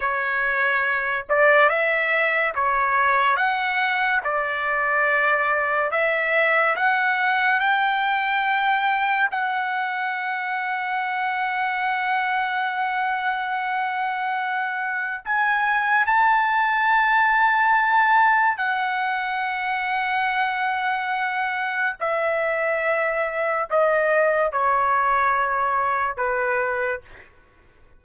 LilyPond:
\new Staff \with { instrumentName = "trumpet" } { \time 4/4 \tempo 4 = 71 cis''4. d''8 e''4 cis''4 | fis''4 d''2 e''4 | fis''4 g''2 fis''4~ | fis''1~ |
fis''2 gis''4 a''4~ | a''2 fis''2~ | fis''2 e''2 | dis''4 cis''2 b'4 | }